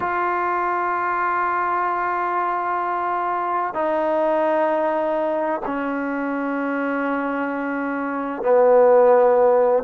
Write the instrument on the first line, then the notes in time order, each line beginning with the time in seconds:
trombone
0.00 F4
3.73 D#4
5.65 C#4
8.42 B3